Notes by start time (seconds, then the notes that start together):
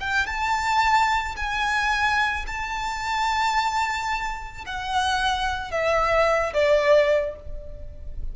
0.00 G5
0.26 A5
1.36 G#5
2.46 A5
4.66 F#5
5.71 E5
6.54 D5